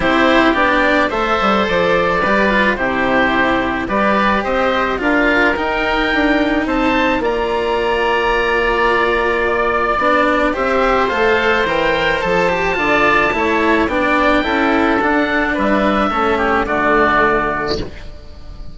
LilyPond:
<<
  \new Staff \with { instrumentName = "oboe" } { \time 4/4 \tempo 4 = 108 c''4 d''4 e''4 d''4~ | d''4 c''2 d''4 | dis''4 f''4 g''2 | a''4 ais''2.~ |
ais''4 d''2 e''4 | f''4 g''4 a''2~ | a''4 g''2 fis''4 | e''2 d''2 | }
  \new Staff \with { instrumentName = "oboe" } { \time 4/4 g'2 c''2 | b'4 g'2 b'4 | c''4 ais'2. | c''4 d''2.~ |
d''2. c''4~ | c''2. d''4 | cis''4 d''4 a'2 | b'4 a'8 g'8 fis'2 | }
  \new Staff \with { instrumentName = "cello" } { \time 4/4 e'4 d'4 a'2 | g'8 f'8 e'2 g'4~ | g'4 f'4 dis'2~ | dis'4 f'2.~ |
f'2 d'4 g'4 | a'4 ais'4 a'8 g'8 f'4 | e'4 d'4 e'4 d'4~ | d'4 cis'4 a2 | }
  \new Staff \with { instrumentName = "bassoon" } { \time 4/4 c'4 b4 a8 g8 f4 | g4 c2 g4 | c'4 d'4 dis'4 d'4 | c'4 ais2.~ |
ais2 b4 c'4 | a4 e4 f4 d4 | a4 b4 cis'4 d'4 | g4 a4 d2 | }
>>